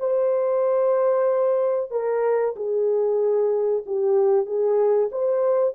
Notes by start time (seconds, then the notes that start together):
0.00 C5
1.91 A#4
2.56 G#4
3.86 G4
4.46 G#4
5.12 C5